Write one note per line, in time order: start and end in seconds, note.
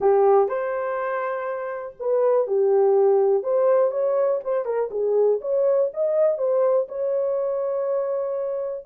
0.00 0.48 G4
0.48 1.96 C5
1.99 2.47 B4
2.47 3.43 G4
3.43 3.91 C5
3.91 4.40 C#5
4.44 4.65 C5
4.65 4.89 A#4
4.90 5.40 G#4
5.41 5.90 C#5
5.93 6.38 D#5
6.38 6.87 C5
6.88 8.85 C#5